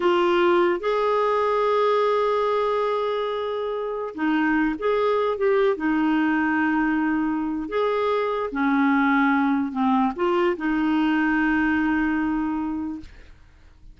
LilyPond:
\new Staff \with { instrumentName = "clarinet" } { \time 4/4 \tempo 4 = 148 f'2 gis'2~ | gis'1~ | gis'2~ gis'16 dis'4. gis'16~ | gis'4~ gis'16 g'4 dis'4.~ dis'16~ |
dis'2. gis'4~ | gis'4 cis'2. | c'4 f'4 dis'2~ | dis'1 | }